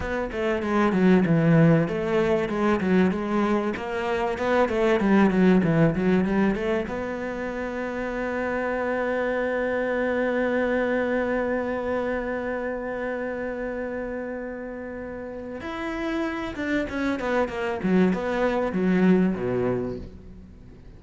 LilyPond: \new Staff \with { instrumentName = "cello" } { \time 4/4 \tempo 4 = 96 b8 a8 gis8 fis8 e4 a4 | gis8 fis8 gis4 ais4 b8 a8 | g8 fis8 e8 fis8 g8 a8 b4~ | b1~ |
b1~ | b1~ | b4 e'4. d'8 cis'8 b8 | ais8 fis8 b4 fis4 b,4 | }